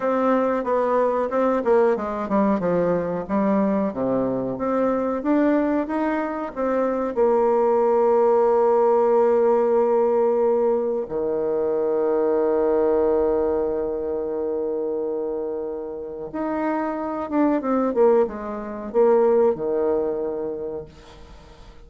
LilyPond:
\new Staff \with { instrumentName = "bassoon" } { \time 4/4 \tempo 4 = 92 c'4 b4 c'8 ais8 gis8 g8 | f4 g4 c4 c'4 | d'4 dis'4 c'4 ais4~ | ais1~ |
ais4 dis2.~ | dis1~ | dis4 dis'4. d'8 c'8 ais8 | gis4 ais4 dis2 | }